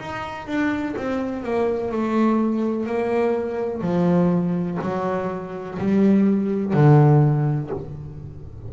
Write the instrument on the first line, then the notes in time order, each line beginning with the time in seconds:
double bass
0.00 D#4
0.47 D4
0.97 C4
1.44 A#3
1.92 A3
2.86 A#3
3.81 F3
4.82 F#3
5.79 G3
6.73 D3